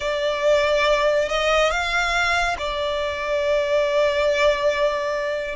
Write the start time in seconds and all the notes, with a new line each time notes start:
0.00 D5
1.28 D#5
1.70 F5
2.58 D5